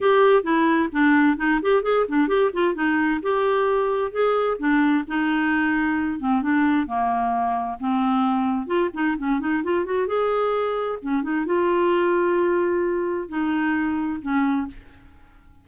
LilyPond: \new Staff \with { instrumentName = "clarinet" } { \time 4/4 \tempo 4 = 131 g'4 e'4 d'4 dis'8 g'8 | gis'8 d'8 g'8 f'8 dis'4 g'4~ | g'4 gis'4 d'4 dis'4~ | dis'4. c'8 d'4 ais4~ |
ais4 c'2 f'8 dis'8 | cis'8 dis'8 f'8 fis'8 gis'2 | cis'8 dis'8 f'2.~ | f'4 dis'2 cis'4 | }